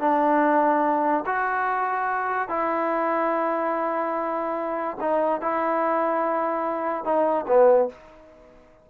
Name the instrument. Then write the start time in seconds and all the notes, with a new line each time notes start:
trombone
0.00 D4
1.26 F#4
2.49 E4
5.00 D#4
5.41 E4
7.04 D#4
7.47 B3